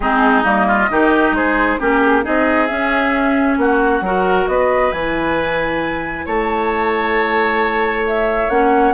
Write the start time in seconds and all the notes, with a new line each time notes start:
0.00 G#3 C4 D#4 G#4
0.43 G3 A#3 D#5
0.67 F4
0.90 D#3 D#4 G4
1.31 G#3 G#4 C5
1.79 A#3 C#4 G4 A#4
2.00 G#4
2.22 C4 D#4 G#4 D#5
2.66 C#4 E5
3.57 A#3 F#4 F#5
4.00 F#3 F#4 A#4
4.47 B3 B4 D#5
4.91 E3 E4 G#5
6.25 A3 C#5 A5
8.06 E5
8.49 A#3 C#4 F#5